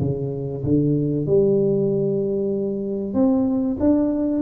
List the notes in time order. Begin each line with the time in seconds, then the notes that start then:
0.00 C#3
0.63 D3
1.26 G3
3.13 C4
3.79 D4